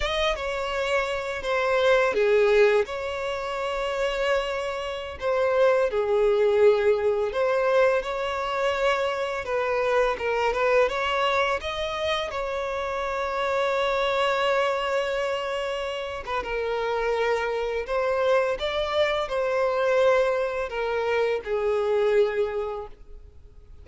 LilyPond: \new Staff \with { instrumentName = "violin" } { \time 4/4 \tempo 4 = 84 dis''8 cis''4. c''4 gis'4 | cis''2.~ cis''16 c''8.~ | c''16 gis'2 c''4 cis''8.~ | cis''4~ cis''16 b'4 ais'8 b'8 cis''8.~ |
cis''16 dis''4 cis''2~ cis''8.~ | cis''2~ cis''8. b'16 ais'4~ | ais'4 c''4 d''4 c''4~ | c''4 ais'4 gis'2 | }